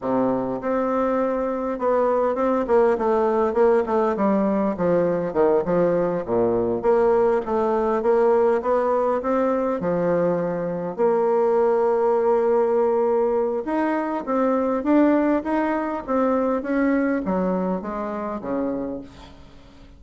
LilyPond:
\new Staff \with { instrumentName = "bassoon" } { \time 4/4 \tempo 4 = 101 c4 c'2 b4 | c'8 ais8 a4 ais8 a8 g4 | f4 dis8 f4 ais,4 ais8~ | ais8 a4 ais4 b4 c'8~ |
c'8 f2 ais4.~ | ais2. dis'4 | c'4 d'4 dis'4 c'4 | cis'4 fis4 gis4 cis4 | }